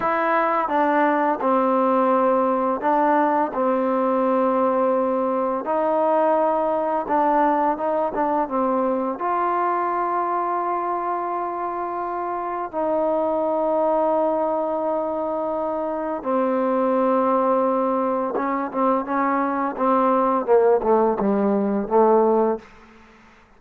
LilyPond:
\new Staff \with { instrumentName = "trombone" } { \time 4/4 \tempo 4 = 85 e'4 d'4 c'2 | d'4 c'2. | dis'2 d'4 dis'8 d'8 | c'4 f'2.~ |
f'2 dis'2~ | dis'2. c'4~ | c'2 cis'8 c'8 cis'4 | c'4 ais8 a8 g4 a4 | }